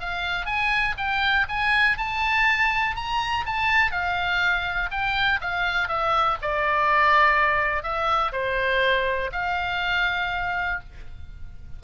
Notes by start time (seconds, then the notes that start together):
0.00 F5
0.46 G#5
0.97 G5
1.49 G#5
1.98 A5
2.96 A#5
3.46 A5
3.91 F5
4.91 G5
5.41 F5
5.88 E5
6.42 D5
7.83 E5
8.32 C5
9.32 F5